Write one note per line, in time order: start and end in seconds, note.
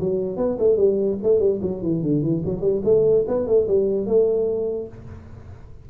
0.00 0.37 F#3
0.37 0.57 B3
0.59 0.77 A3
0.77 1.17 G3
1.23 1.40 A3
1.40 1.60 G3
1.62 1.82 F#3
1.82 2.02 E3
2.02 2.22 D3
2.22 2.43 E3
2.45 2.61 F#3
2.61 2.82 G3
2.84 3.25 A3
3.27 3.47 B3
3.47 3.67 A3
3.67 4.06 G3
4.06 4.88 A3